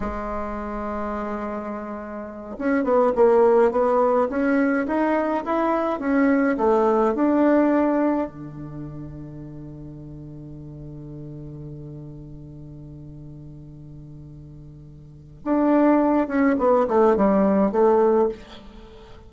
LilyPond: \new Staff \with { instrumentName = "bassoon" } { \time 4/4 \tempo 4 = 105 gis1~ | gis8 cis'8 b8 ais4 b4 cis'8~ | cis'8 dis'4 e'4 cis'4 a8~ | a8 d'2 d4.~ |
d1~ | d1~ | d2. d'4~ | d'8 cis'8 b8 a8 g4 a4 | }